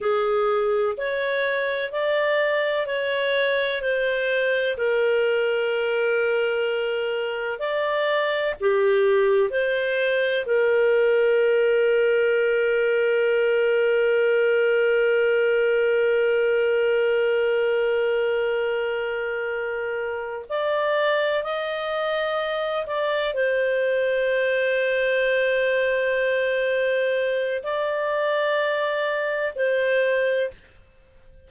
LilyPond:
\new Staff \with { instrumentName = "clarinet" } { \time 4/4 \tempo 4 = 63 gis'4 cis''4 d''4 cis''4 | c''4 ais'2. | d''4 g'4 c''4 ais'4~ | ais'1~ |
ais'1~ | ais'4. d''4 dis''4. | d''8 c''2.~ c''8~ | c''4 d''2 c''4 | }